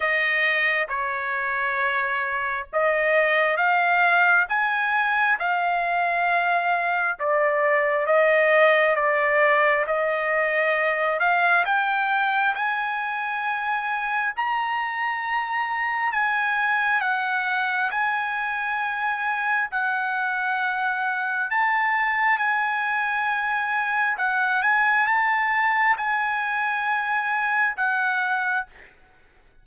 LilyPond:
\new Staff \with { instrumentName = "trumpet" } { \time 4/4 \tempo 4 = 67 dis''4 cis''2 dis''4 | f''4 gis''4 f''2 | d''4 dis''4 d''4 dis''4~ | dis''8 f''8 g''4 gis''2 |
ais''2 gis''4 fis''4 | gis''2 fis''2 | a''4 gis''2 fis''8 gis''8 | a''4 gis''2 fis''4 | }